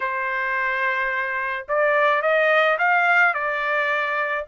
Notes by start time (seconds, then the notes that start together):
0.00 C5
1.68 D5
2.22 D#5
2.78 F5
3.34 D5